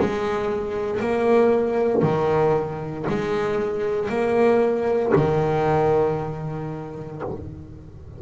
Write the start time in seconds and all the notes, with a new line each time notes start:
0.00 G#3
1.01 A#3
2.03 D#3
3.09 G#3
4.09 A#3
5.16 D#3